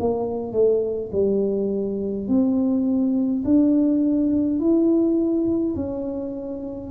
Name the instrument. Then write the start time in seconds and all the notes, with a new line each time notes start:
tuba
0.00 A#3
0.52 A3
1.12 G3
2.28 C4
3.44 D4
4.59 E4
5.75 C#4